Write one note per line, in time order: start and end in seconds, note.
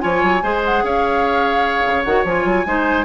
0.00 0.22 F3
0.00 0.41 F4
0.00 0.43 C#5
0.00 0.61 G#5
0.22 0.42 F#3
0.42 0.83 G#3
0.42 2.05 G#4
0.42 0.84 C5
0.65 0.85 F#5
0.83 1.84 C#4
0.83 2.67 C#5
0.83 2.04 F5
1.86 2.05 C#3
2.04 2.24 D#3
2.04 2.26 F#4
2.04 2.24 F#5
2.24 2.44 F3
2.24 2.66 F4
2.24 3.05 G#5
2.44 2.65 F#3
2.66 3.05 G#3
2.66 3.05 D#4
2.66 3.05 C5